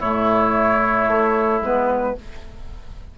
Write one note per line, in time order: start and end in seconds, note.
0.00 1.08 A2
0.00 1.63 A3
0.00 2.14 E4
0.00 1.62 C#5
1.08 1.61 A3
1.61 2.15 G#3
1.61 2.16 B3
1.61 2.19 B4